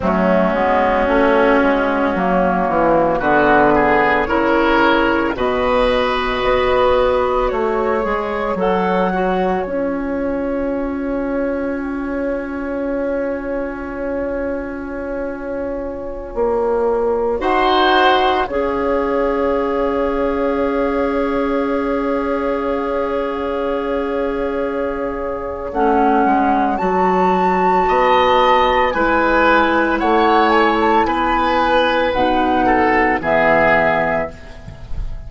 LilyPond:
<<
  \new Staff \with { instrumentName = "flute" } { \time 4/4 \tempo 4 = 56 fis'2. b'4 | cis''4 dis''2 cis''4 | fis''4 gis''2.~ | gis''1~ |
gis''16 fis''4 f''2~ f''8.~ | f''1 | fis''4 a''2 gis''4 | fis''8 gis''16 a''16 gis''4 fis''4 e''4 | }
  \new Staff \with { instrumentName = "oboe" } { \time 4/4 cis'2. fis'8 gis'8 | ais'4 b'2 cis''4~ | cis''1~ | cis''1~ |
cis''16 c''4 cis''2~ cis''8.~ | cis''1~ | cis''2 dis''4 b'4 | cis''4 b'4. a'8 gis'4 | }
  \new Staff \with { instrumentName = "clarinet" } { \time 4/4 a8 b8 cis'4 ais4 b4 | e'4 fis'2~ fis'8 gis'8 | a'8 fis'8 f'2.~ | f'1~ |
f'16 fis'4 gis'2~ gis'8.~ | gis'1 | cis'4 fis'2 e'4~ | e'2 dis'4 b4 | }
  \new Staff \with { instrumentName = "bassoon" } { \time 4/4 fis8 gis8 a8 gis8 fis8 e8 d4 | cis4 b,4 b4 a8 gis8 | fis4 cis'2.~ | cis'2.~ cis'16 ais8.~ |
ais16 dis'4 cis'2~ cis'8.~ | cis'1 | a8 gis8 fis4 b4 gis4 | a4 b4 b,4 e4 | }
>>